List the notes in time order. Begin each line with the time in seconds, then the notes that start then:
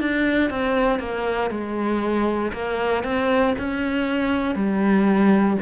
0.00 D4
0.49 C4
0.99 A#3
1.50 G#3
2.52 A#3
3.03 C4
3.58 C#4
4.55 G3